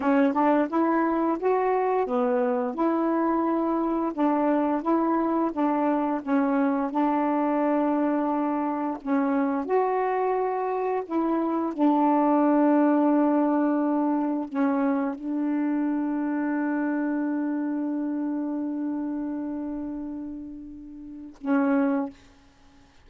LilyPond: \new Staff \with { instrumentName = "saxophone" } { \time 4/4 \tempo 4 = 87 cis'8 d'8 e'4 fis'4 b4 | e'2 d'4 e'4 | d'4 cis'4 d'2~ | d'4 cis'4 fis'2 |
e'4 d'2.~ | d'4 cis'4 d'2~ | d'1~ | d'2. cis'4 | }